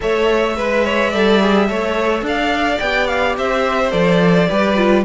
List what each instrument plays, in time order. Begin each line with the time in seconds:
0.00 cello A3, viola A4, violin C#5 E5
0.56 cello G#3, violin B4, viola B4
0.84 violin C#5
1.09 cello G3, viola A4, violin D5
1.40 viola G#4
1.68 cello A3, viola A4, violin C#5
2.22 cello D4, violin D5 F5
2.79 cello B3, viola G4, violin G5
3.07 violin F5
3.36 cello C4, violin C5 E5
3.90 cello F3, viola A4, violin D5
4.48 cello G3, viola G4, violin B4
4.76 viola F4